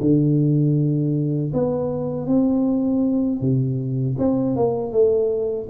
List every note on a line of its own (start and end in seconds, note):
0.00 1.52 D3
1.53 2.26 B3
2.26 3.40 C4
3.40 4.16 C3
4.18 4.56 C4
4.56 4.92 A#3
4.92 5.68 A3